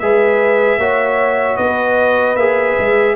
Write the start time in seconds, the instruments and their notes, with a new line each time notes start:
0.00 tuba G#3, trombone G#4, horn B4, trumpet E5
0.78 tuba A#3, trombone F#4, horn C#5
1.57 tuba B3, horn B4, trumpet D#5
2.36 tuba A#3, trombone G#4, trumpet E5
2.79 tuba G#3